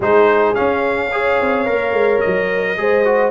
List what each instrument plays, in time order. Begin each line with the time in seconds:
0.00 tuba G#3, trombone D#4, horn G#4, trumpet C5
0.54 trombone C#4, tuba C#4, trumpet F5
1.12 trombone G#4, horn C#5
1.41 tuba C4
1.65 tuba A#3, trombone A#4
1.92 tuba G#3
2.20 tuba F#3, trumpet D#5
2.77 tuba G#3, trombone G#4, horn C5
3.05 trombone F#4